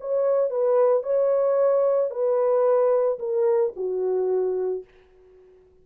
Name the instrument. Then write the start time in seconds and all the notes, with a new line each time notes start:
horn
0.00 C#5
0.50 B4
1.03 C#5
2.11 B4
3.19 A#4
3.76 F#4